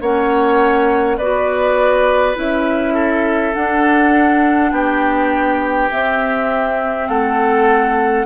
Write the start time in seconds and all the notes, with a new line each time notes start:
0.00 A#3 C#4 C#5 F#5
1.17 B3 F#4 B4 D5
2.35 C#4 E4 E5
2.93 A4
3.54 D4 F#5
4.71 B3 G4 G5
5.90 C4 E5
7.08 A3 A4 F#5